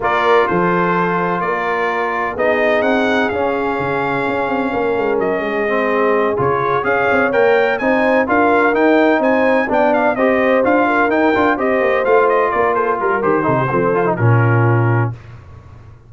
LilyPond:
<<
  \new Staff \with { instrumentName = "trumpet" } { \time 4/4 \tempo 4 = 127 d''4 c''2 d''4~ | d''4 dis''4 fis''4 f''4~ | f''2. dis''4~ | dis''4. cis''4 f''4 g''8~ |
g''8 gis''4 f''4 g''4 gis''8~ | gis''8 g''8 f''8 dis''4 f''4 g''8~ | g''8 dis''4 f''8 dis''8 d''8 c''8 ais'8 | c''2 ais'2 | }
  \new Staff \with { instrumentName = "horn" } { \time 4/4 ais'4 a'2 ais'4~ | ais'4 gis'2.~ | gis'2 ais'4. gis'8~ | gis'2~ gis'8 cis''4.~ |
cis''8 c''4 ais'2 c''8~ | c''8 d''4 c''4. ais'4~ | ais'8 c''2 ais'8 a'8 ais'8~ | ais'8 a'16 g'16 a'4 f'2 | }
  \new Staff \with { instrumentName = "trombone" } { \time 4/4 f'1~ | f'4 dis'2 cis'4~ | cis'1 | c'4. f'4 gis'4 ais'8~ |
ais'8 dis'4 f'4 dis'4.~ | dis'8 d'4 g'4 f'4 dis'8 | f'8 g'4 f'2~ f'8 | g'8 dis'8 c'8 f'16 dis'16 cis'2 | }
  \new Staff \with { instrumentName = "tuba" } { \time 4/4 ais4 f2 ais4~ | ais4 b4 c'4 cis'4 | cis4 cis'8 c'8 ais8 gis8 fis8 gis8~ | gis4. cis4 cis'8 c'8 ais8~ |
ais8 c'4 d'4 dis'4 c'8~ | c'8 b4 c'4 d'4 dis'8 | d'8 c'8 ais8 a4 ais4 g8 | dis8 c8 f4 ais,2 | }
>>